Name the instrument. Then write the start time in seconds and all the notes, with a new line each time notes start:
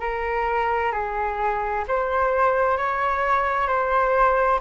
flute
0.00 A#4
0.92 G#4
1.88 C5
2.77 C#5
3.68 C5